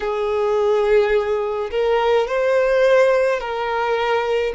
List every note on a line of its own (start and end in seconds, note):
0.00 1.70 G#4
1.70 2.27 A#4
2.27 3.40 C5
3.40 4.53 A#4